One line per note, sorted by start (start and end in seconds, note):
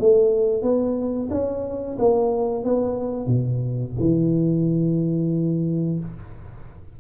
0.00 0.62 A3
0.62 1.29 B3
1.31 1.97 C#4
1.98 2.64 A#3
2.64 3.27 B3
3.27 3.93 B2
3.99 5.99 E3